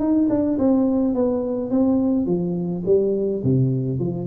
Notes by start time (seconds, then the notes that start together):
0.00 D#4
0.30 D4
0.59 C4
1.15 B3
1.71 C4
2.26 F3
2.86 G3
3.44 C3
4.00 F3